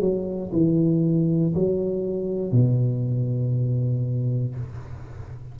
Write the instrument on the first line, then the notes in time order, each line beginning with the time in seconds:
tuba
0.00 F#3
0.52 E3
1.54 F#3
2.51 B2